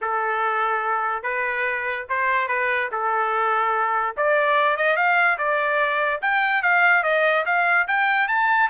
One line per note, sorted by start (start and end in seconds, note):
0.01 1.22 A4
1.22 2.05 B4
2.09 2.48 C5
2.48 2.89 B4
2.91 4.15 A4
4.16 4.76 D5
4.76 4.96 D#5
4.96 5.37 F5
5.38 6.21 D5
6.21 6.62 G5
6.62 7.03 F5
7.03 7.44 D#5
7.45 7.87 F5
7.87 8.28 G5
8.28 8.69 A5